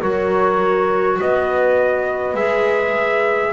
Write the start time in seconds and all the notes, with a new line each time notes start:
0.00 F#3 F#4 A#4 C#5
1.20 B3 B4 D#5
2.34 G#3 G#4 E5